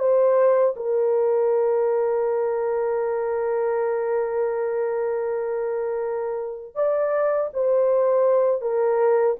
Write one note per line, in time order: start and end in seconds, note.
0.00 0.75 C5
0.76 6.75 A#4
6.75 7.50 D5
7.54 8.62 C5
8.62 9.37 A#4